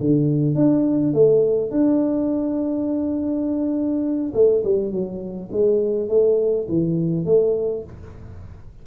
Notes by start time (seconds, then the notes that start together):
0.00 D3
0.55 D4
1.13 A3
1.71 D4
4.34 A3
4.64 G3
4.91 F#3
5.52 G#3
6.08 A3
6.68 E3
7.26 A3